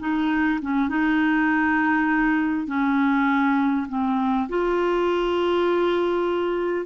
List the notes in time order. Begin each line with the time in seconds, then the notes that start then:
0.00 D#4
0.62 C#4
0.89 D#4
2.67 C#4
3.89 C4
4.49 F4